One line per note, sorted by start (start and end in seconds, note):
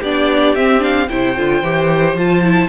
0.00 0.56 B3
0.00 0.57 D4
0.00 1.07 G4
0.00 0.56 D5
0.56 1.10 C4
0.56 0.80 C4
0.56 0.83 E5
0.80 1.07 D4
0.80 1.10 F5
1.10 1.38 C3
1.10 1.36 E4
1.10 2.69 C5
1.10 2.17 G5
1.37 1.63 D3
1.37 1.64 F4
1.63 2.14 E3
1.63 2.17 G4
2.14 2.68 F3
2.14 2.44 F4
2.14 2.69 A5
2.44 2.69 E4